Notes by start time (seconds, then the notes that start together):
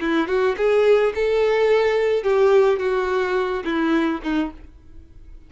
0.00 E4
0.27 F#4
0.57 G#4
1.14 A4
2.23 G4
2.79 F#4
3.64 E4
4.22 D#4